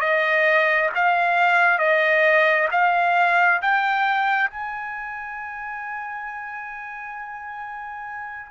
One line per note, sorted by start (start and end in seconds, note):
0.00 0.90 D#5
0.95 1.79 F5
1.79 2.68 D#5
2.71 3.61 F5
3.62 4.50 G5
4.50 8.50 G#5